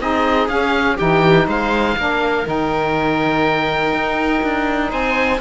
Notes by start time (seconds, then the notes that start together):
0.00 C4 D#4 G#4 D#5
0.48 C#4 F5
0.97 E3 D#4 G4 G5
1.47 G#3 C5 F5
1.97 A#3 D4 A#4
2.44 D#3 D#4 G5
3.93 D#4
4.43 D4
4.91 C4 C5 G#5